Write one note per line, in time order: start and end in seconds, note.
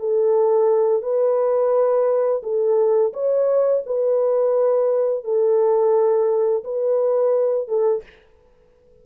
0.00 1.03 A4
1.03 2.42 B4
2.43 3.13 A4
3.13 3.83 C#5
3.86 5.24 B4
5.24 6.64 A4
6.64 7.68 B4
7.68 8.03 A4